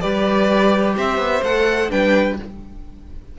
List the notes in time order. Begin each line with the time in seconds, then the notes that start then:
0.00 G3 G4 B4 D5
0.97 C4 C5 E5
1.17 B3
1.43 A3 A4 F#5
1.89 G3 D4 B4 G5